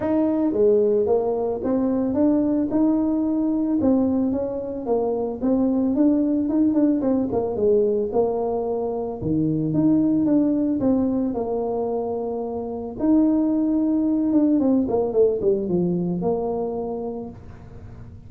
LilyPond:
\new Staff \with { instrumentName = "tuba" } { \time 4/4 \tempo 4 = 111 dis'4 gis4 ais4 c'4 | d'4 dis'2 c'4 | cis'4 ais4 c'4 d'4 | dis'8 d'8 c'8 ais8 gis4 ais4~ |
ais4 dis4 dis'4 d'4 | c'4 ais2. | dis'2~ dis'8 d'8 c'8 ais8 | a8 g8 f4 ais2 | }